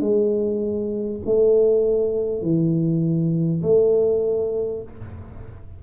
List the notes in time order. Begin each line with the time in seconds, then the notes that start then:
0.00 G#3
1.25 A3
2.42 E3
3.62 A3